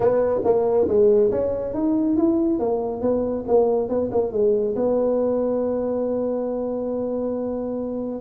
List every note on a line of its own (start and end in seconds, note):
0.00 0.40 B3
0.44 0.87 A#3
0.88 1.31 G#3
1.31 1.73 C#4
1.73 2.16 D#4
2.16 2.59 E4
2.59 3.01 A#3
3.01 3.44 B3
3.47 3.88 A#3
3.88 4.10 B3
4.11 4.31 A#3
4.31 4.75 G#3
4.75 8.21 B3